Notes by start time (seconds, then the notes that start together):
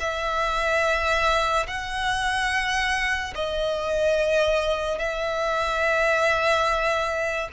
0.00 E5
1.67 F#5
3.35 D#5
4.98 E5